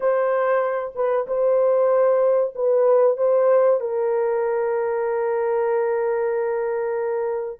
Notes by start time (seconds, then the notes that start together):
0.00 C5
0.95 B4
1.27 C5
2.55 B4
3.17 C5
3.80 A#4